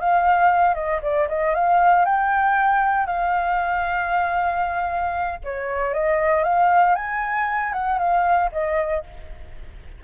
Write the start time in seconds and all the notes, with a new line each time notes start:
0.00 F5
0.75 D#5
1.02 D5
1.29 D#5
1.54 F5
2.05 G5
3.06 F5
5.44 C#5
5.94 D#5
6.44 F5
6.95 G#5
7.73 F#5
7.98 F5
8.52 D#5